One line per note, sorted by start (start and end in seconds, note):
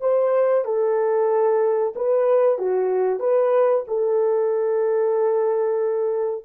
0.00 0.64 C5
0.64 1.93 A4
1.95 2.58 B4
2.58 3.19 F#4
3.19 3.84 B4
3.87 6.44 A4